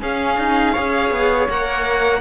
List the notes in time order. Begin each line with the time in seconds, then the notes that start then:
0.00 C#4 G#4 F5
0.38 D#4
0.73 C#4 G#4 C#5
1.11 B3
1.49 A#3 A#4 F#5